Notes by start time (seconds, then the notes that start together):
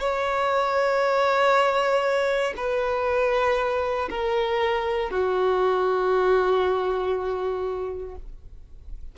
0.00 C#5
2.57 B4
4.10 A#4
5.10 F#4